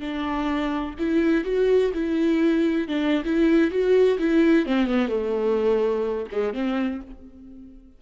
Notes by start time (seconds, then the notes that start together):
0.00 D4
0.99 E4
1.45 F#4
1.94 E4
2.88 D4
3.25 E4
3.71 F#4
4.19 E4
4.66 C4
4.87 B3
5.09 A3
6.32 G#3
6.54 C4